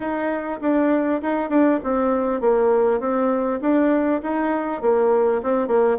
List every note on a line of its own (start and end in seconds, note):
0.00 0.59 D#4
0.61 1.21 D4
1.22 1.49 D#4
1.49 1.79 D4
1.83 2.41 C4
2.41 3.00 A#3
3.00 3.60 C4
3.61 4.21 D4
4.22 4.81 D#4
4.81 5.41 A#3
5.42 5.67 C4
5.67 5.97 A#3